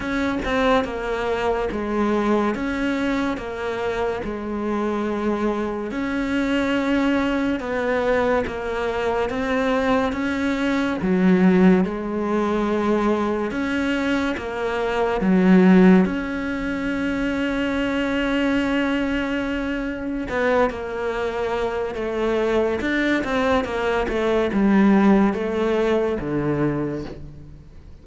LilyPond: \new Staff \with { instrumentName = "cello" } { \time 4/4 \tempo 4 = 71 cis'8 c'8 ais4 gis4 cis'4 | ais4 gis2 cis'4~ | cis'4 b4 ais4 c'4 | cis'4 fis4 gis2 |
cis'4 ais4 fis4 cis'4~ | cis'1 | b8 ais4. a4 d'8 c'8 | ais8 a8 g4 a4 d4 | }